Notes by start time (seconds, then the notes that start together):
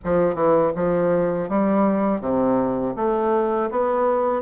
0.04 F3
0.34 E3
0.75 F3
1.48 G3
2.20 C3
2.96 A3
3.70 B3